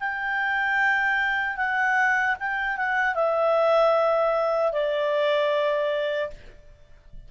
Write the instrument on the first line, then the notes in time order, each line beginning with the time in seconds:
clarinet
0.00 G5
1.58 F#5
2.40 G5
2.77 F#5
3.15 E5
4.73 D5